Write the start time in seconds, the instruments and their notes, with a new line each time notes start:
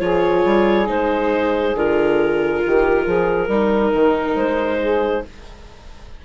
0.00 bassoon F3, viola F4, saxophone G#4, clarinet C#5
0.45 bassoon G3
0.86 bassoon G#3, viola D#4, clarinet C5
1.75 bassoon D3, viola F4, clarinet A#4
2.64 bassoon D#3, saxophone G4
3.05 bassoon F3, saxophone G#4
3.48 bassoon G3, viola D#4, saxophone A#4
3.94 bassoon D#3
4.36 bassoon G#3, clarinet C5
4.82 saxophone G#4